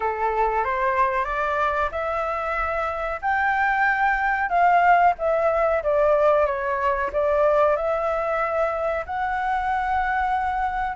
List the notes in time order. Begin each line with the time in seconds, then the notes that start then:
0.00 A4
0.64 C5
1.25 D5
1.91 E5
3.21 G5
4.49 F5
5.18 E5
5.83 D5
6.45 C#5
7.12 D5
7.76 E5
9.06 F#5